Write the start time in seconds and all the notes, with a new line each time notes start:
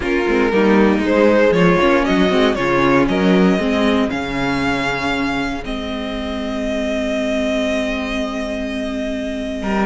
0.00 A#3 C#4 F4 A#4
0.27 G#3 C4
0.52 G3 A#3 D#4
0.98 G#3
1.05 C5
1.51 F3 F4 C#5
1.80 A#3 C#4
2.04 F#3 F#4 D#5
2.29 G#3 C4
2.54 C#3 C#4 F4 C#5
3.08 F#3 A#4 D#5
3.58 G#3 C4 G#4
4.09 C#3 C#4 F5
5.63 G#3 C4 D#5
9.62 G3 A#4